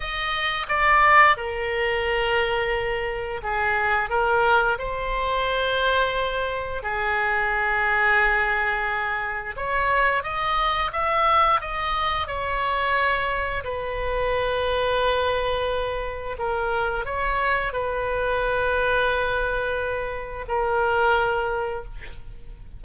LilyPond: \new Staff \with { instrumentName = "oboe" } { \time 4/4 \tempo 4 = 88 dis''4 d''4 ais'2~ | ais'4 gis'4 ais'4 c''4~ | c''2 gis'2~ | gis'2 cis''4 dis''4 |
e''4 dis''4 cis''2 | b'1 | ais'4 cis''4 b'2~ | b'2 ais'2 | }